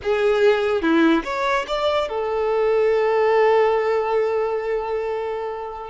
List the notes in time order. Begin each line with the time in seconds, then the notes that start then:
0.02 G#4
0.81 E4
1.24 C#5
1.67 D5
2.08 A4